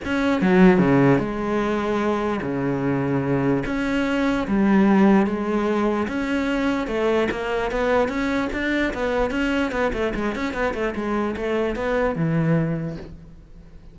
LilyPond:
\new Staff \with { instrumentName = "cello" } { \time 4/4 \tempo 4 = 148 cis'4 fis4 cis4 gis4~ | gis2 cis2~ | cis4 cis'2 g4~ | g4 gis2 cis'4~ |
cis'4 a4 ais4 b4 | cis'4 d'4 b4 cis'4 | b8 a8 gis8 cis'8 b8 a8 gis4 | a4 b4 e2 | }